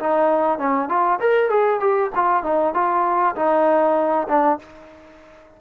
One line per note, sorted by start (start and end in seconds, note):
0.00 0.59 D#4
0.59 0.89 C#4
0.89 1.19 F4
1.20 1.50 A#4
1.50 1.80 G#4
1.80 2.11 G4
2.15 2.44 F4
2.44 2.74 D#4
2.74 3.35 F4
3.36 4.28 D#4
4.29 4.59 D4